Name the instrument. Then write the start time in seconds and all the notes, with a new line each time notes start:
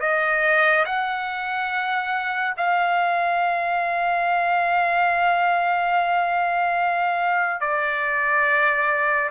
trumpet
0.00 D#5
0.85 F#5
2.57 F5
7.60 D5